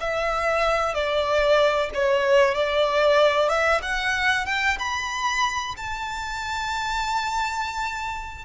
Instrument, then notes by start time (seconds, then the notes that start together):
violin
0.00 E5
0.94 D5
1.94 C#5
2.54 D5
3.49 E5
3.82 F#5
4.46 G5
4.79 B5
5.77 A5